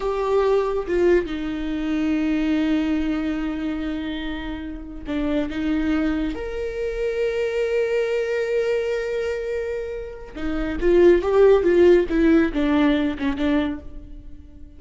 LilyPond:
\new Staff \with { instrumentName = "viola" } { \time 4/4 \tempo 4 = 139 g'2 f'4 dis'4~ | dis'1~ | dis'2.~ dis'8. d'16~ | d'8. dis'2 ais'4~ ais'16~ |
ais'1~ | ais'1 | dis'4 f'4 g'4 f'4 | e'4 d'4. cis'8 d'4 | }